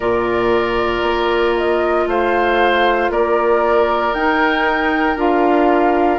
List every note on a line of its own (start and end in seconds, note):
0.00 1.01 A#2
0.00 4.14 F4
0.00 2.05 A#4
0.00 1.55 D5
1.02 2.06 A#3
1.56 2.08 D#5
2.06 3.09 A3
2.06 3.11 C5
2.06 3.12 F5
3.09 4.12 A#3
3.09 6.19 A#4
3.09 4.14 D5
4.13 5.16 D#4
4.13 5.17 G5
5.16 6.19 D4
5.16 6.19 F4
5.16 6.19 F5